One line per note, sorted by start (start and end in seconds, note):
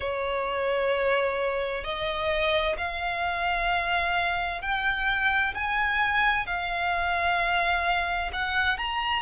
0.00 1.83 C#5
1.83 2.76 D#5
2.77 4.62 F5
4.62 5.54 G5
5.54 6.46 G#5
6.46 8.31 F5
8.32 8.77 F#5
8.77 9.22 A#5